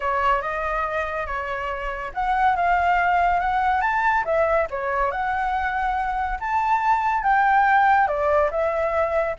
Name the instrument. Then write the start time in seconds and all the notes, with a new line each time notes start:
flute
0.00 C#5
0.41 D#5
1.26 C#5
2.14 F#5
2.56 F5
3.39 F#5
3.81 A5
4.25 E5
4.70 C#5
5.11 F#5
6.40 A5
7.23 G5
8.07 D5
8.50 E5